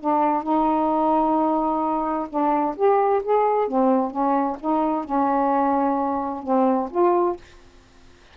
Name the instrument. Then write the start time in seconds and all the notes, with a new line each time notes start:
saxophone
0.00 D4
0.43 D#4
2.30 D4
2.76 G4
3.24 G#4
3.68 C4
4.11 C#4
4.60 D#4
5.05 C#4
6.43 C4
6.91 F4